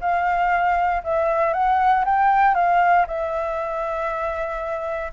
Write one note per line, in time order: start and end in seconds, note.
0.00 1.03 F5
1.03 1.53 E5
1.53 2.04 F#5
2.05 2.54 G5
2.54 3.06 F5
3.07 5.12 E5